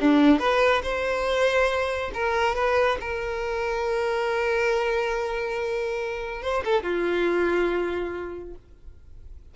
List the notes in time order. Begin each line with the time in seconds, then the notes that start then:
0.00 D4
0.39 B4
0.82 C5
2.14 A#4
2.55 B4
3.00 A#4
6.42 C5
6.64 A4
6.83 F4